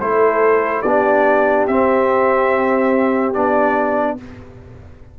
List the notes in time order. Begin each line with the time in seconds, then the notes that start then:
0.00 A3 E4 A4 C5
0.82 B3 D4 G4 D5
1.67 C4 E5
3.34 B3 D4 D5